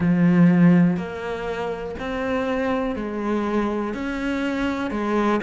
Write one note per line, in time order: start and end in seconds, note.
0.00 0.97 F3
0.97 1.95 A#3
1.99 2.95 C4
2.95 3.93 G#3
3.93 4.90 C#4
4.90 5.40 G#3